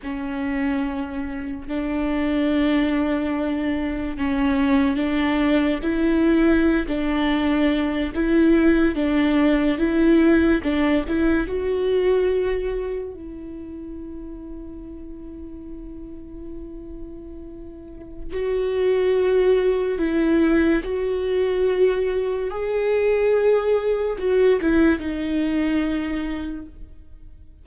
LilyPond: \new Staff \with { instrumentName = "viola" } { \time 4/4 \tempo 4 = 72 cis'2 d'2~ | d'4 cis'4 d'4 e'4~ | e'16 d'4. e'4 d'4 e'16~ | e'8. d'8 e'8 fis'2 e'16~ |
e'1~ | e'2 fis'2 | e'4 fis'2 gis'4~ | gis'4 fis'8 e'8 dis'2 | }